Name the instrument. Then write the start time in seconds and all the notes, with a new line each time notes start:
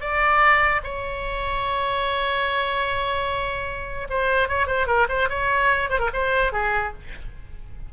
oboe
0.00 D5
0.83 C#5
4.09 C5
4.48 C#5
4.66 C5
4.87 A#4
5.08 C5
5.29 C#5
5.89 C5
5.99 A#4
6.13 C5
6.52 G#4